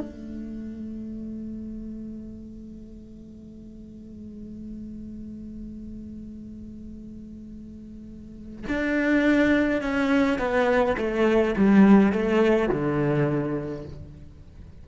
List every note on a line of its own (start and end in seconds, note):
0.00 8.65 A3
8.68 9.82 D4
9.82 10.39 C#4
10.39 10.96 B3
10.97 11.55 A3
11.57 12.12 G3
12.12 12.69 A3
12.69 13.84 D3